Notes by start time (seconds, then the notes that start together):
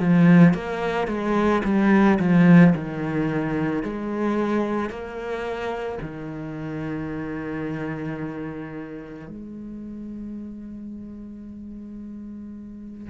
0.00 F3
0.54 A#3
1.08 G#3
1.64 G3
2.20 F3
2.75 D#3
3.83 G#3
4.90 A#3
6.01 D#3
9.28 G#3